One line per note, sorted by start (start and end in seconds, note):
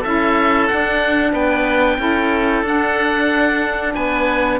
0.00 0.70 C#4
0.00 0.69 E4
0.00 1.30 A4
0.00 0.67 E5
0.67 1.99 D4
0.67 1.33 D4
0.67 1.32 F#5
1.32 1.98 B3
1.32 1.98 B4
1.32 2.64 G5
1.98 2.63 C#4
1.98 2.64 E4
1.98 3.95 A4
2.63 3.93 D4
2.63 4.60 D4
2.63 3.94 F#5
3.94 4.60 B3
3.94 4.60 B4
3.94 4.59 G#5